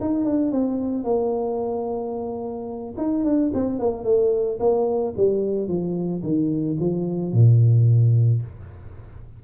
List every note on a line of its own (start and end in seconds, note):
0.00 0.25 D#4
0.25 0.51 D4
0.51 1.04 C4
1.04 2.95 A#3
2.97 3.24 D#4
3.24 3.51 D4
3.54 3.79 C4
3.79 4.04 A#3
4.04 4.58 A3
4.59 5.14 A#3
5.17 5.68 G3
5.68 6.22 F3
6.22 6.77 D#3
6.79 7.33 F3
7.33 8.42 A#2